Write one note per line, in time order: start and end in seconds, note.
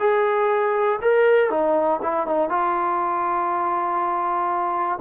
0.00 1.00 G#4
1.02 1.50 A#4
1.50 2.00 D#4
2.03 2.27 E4
2.27 2.50 D#4
2.50 5.00 F4